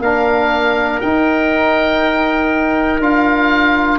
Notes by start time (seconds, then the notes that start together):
0.00 A#3 D4 A#4 F5
1.01 D#4 G5
3.00 D4 F4 F5